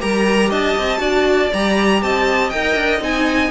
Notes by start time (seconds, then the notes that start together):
0.00 G3 G4 A#4 A#5
0.49 D4 D#5 A5
0.77 C4
0.98 D4 F#4 D5
1.53 G3 G4 A#5
2.02 C4 D#5 A5
2.49 D#4 A#4 G5
2.75 D4
2.99 C4 D#4 G#5